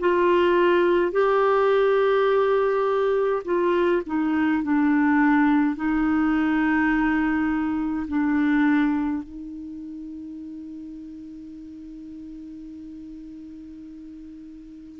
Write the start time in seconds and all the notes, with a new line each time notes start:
0.00 F4
1.12 G4
3.45 F4
4.06 D#4
4.63 D4
5.76 D#4
8.08 D4
9.23 D#4